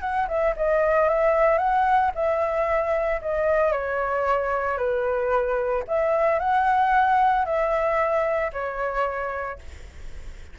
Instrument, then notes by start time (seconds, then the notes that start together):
flute
0.00 F#5
0.28 E5
0.56 D#5
1.09 E5
1.58 F#5
2.14 E5
3.21 D#5
3.72 C#5
4.77 B4
5.87 E5
6.39 F#5
7.45 E5
8.52 C#5